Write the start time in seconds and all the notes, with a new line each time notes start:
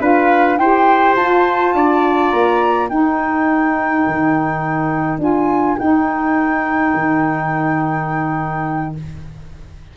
0.00 D4 F4 B4 F5
0.57 E4 G4 C5 G5
1.16 F4 A5
1.75 D4 D5
2.31 A#3 A#5
2.89 D#4 A#4 G5
4.06 D#3
5.19 D4 F4 G#5
5.78 D#4 G5
6.94 D#3